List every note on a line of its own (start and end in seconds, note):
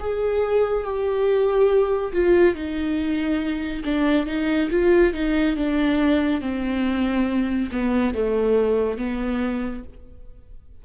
0.00 0.84 G#4
0.84 2.13 G4
2.13 2.55 F4
2.55 3.84 D#4
3.85 4.27 D4
4.27 4.69 D#4
4.71 5.14 F4
5.14 5.56 D#4
5.56 6.41 D4
6.41 7.70 C4
7.72 8.14 B3
8.14 8.98 A3
8.98 9.84 B3